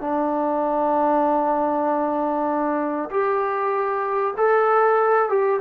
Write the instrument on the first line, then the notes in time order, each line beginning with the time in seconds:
trombone
0.00 D4
3.10 G4
4.37 A4
5.29 G4